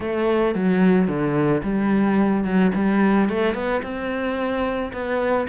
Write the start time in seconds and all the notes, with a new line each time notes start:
0.00 A3
0.54 F#3
1.07 D3
1.63 G3
2.44 F#3
2.74 G3
3.29 A3
3.54 B3
3.83 C4
4.92 B3